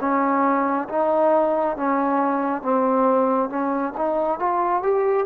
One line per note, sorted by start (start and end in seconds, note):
0.00 0.88 C#4
0.89 1.77 D#4
1.77 2.62 C#4
2.62 3.49 C4
3.49 3.93 C#4
3.97 4.39 D#4
4.39 4.82 F4
4.82 5.26 G4